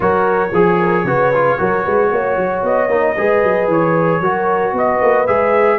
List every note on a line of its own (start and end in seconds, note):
0.00 0.51 F#3
0.00 0.49 F#4
0.00 0.52 A#4
0.00 2.63 C#5
0.52 1.04 F3
0.52 0.78 G#4
0.52 1.06 G#4
0.79 1.05 A#4
1.04 1.56 C#3
1.04 1.33 F#4
1.04 1.59 B4
1.33 1.58 F4
1.58 1.86 F#3
1.58 2.89 F#4
1.58 1.82 A#4
1.82 2.11 G#3
1.82 2.09 B4
2.11 2.36 A#3
2.11 3.16 C#5
2.36 2.62 F#3
2.62 2.87 B3
2.62 3.70 D#5
2.87 3.14 A#3
2.87 3.16 D#4
3.16 3.43 G#3
3.16 4.22 G#4
3.16 4.21 B4
3.43 3.67 F#3
3.67 4.20 E3
3.67 4.76 C#5
4.20 4.72 F#3
4.20 5.27 F#4
4.20 4.74 A#4
4.72 4.99 B3
4.72 5.78 B4
4.72 5.26 D#5
5.01 5.27 A#3
5.26 5.78 G#3
5.26 5.78 G#4
5.26 5.78 E5